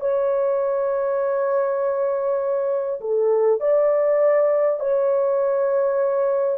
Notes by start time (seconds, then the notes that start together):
0.00 C#5
3.01 A4
3.61 D5
4.79 C#5